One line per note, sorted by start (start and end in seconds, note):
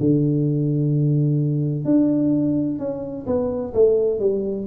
0.00 1.85 D3
1.85 2.79 D4
2.79 3.26 C#4
3.26 3.73 B3
3.74 4.20 A3
4.20 4.67 G3